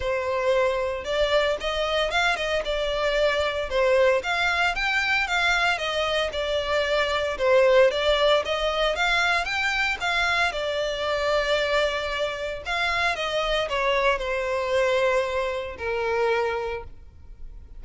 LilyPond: \new Staff \with { instrumentName = "violin" } { \time 4/4 \tempo 4 = 114 c''2 d''4 dis''4 | f''8 dis''8 d''2 c''4 | f''4 g''4 f''4 dis''4 | d''2 c''4 d''4 |
dis''4 f''4 g''4 f''4 | d''1 | f''4 dis''4 cis''4 c''4~ | c''2 ais'2 | }